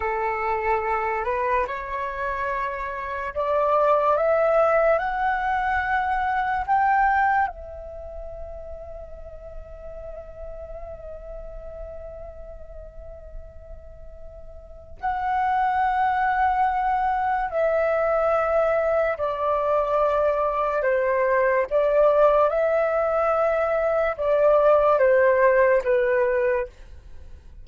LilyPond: \new Staff \with { instrumentName = "flute" } { \time 4/4 \tempo 4 = 72 a'4. b'8 cis''2 | d''4 e''4 fis''2 | g''4 e''2.~ | e''1~ |
e''2 fis''2~ | fis''4 e''2 d''4~ | d''4 c''4 d''4 e''4~ | e''4 d''4 c''4 b'4 | }